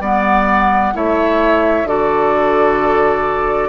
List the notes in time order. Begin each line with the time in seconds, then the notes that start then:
0.00 G3 B3 D5 F#5
0.93 A3 E4 C#5 E5
1.83 D3 F#4 A4 D5